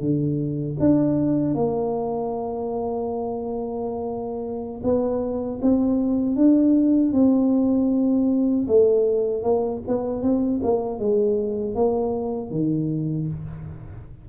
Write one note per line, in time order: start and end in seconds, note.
0.00 0.77 D3
0.80 1.54 D4
1.54 4.81 A#3
4.83 5.60 B3
5.62 6.35 C4
6.35 7.12 D4
7.12 8.66 C4
8.67 9.43 A3
9.43 9.81 A#3
9.87 10.22 B3
10.22 10.60 C4
10.63 10.99 A#3
10.99 11.75 G#3
11.75 12.50 A#3
12.50 13.27 D#3